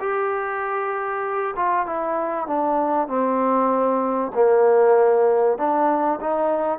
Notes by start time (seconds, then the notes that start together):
0.00 G4
1.56 F4
1.86 E4
2.47 D4
3.08 C4
4.35 A#3
5.58 D4
6.21 D#4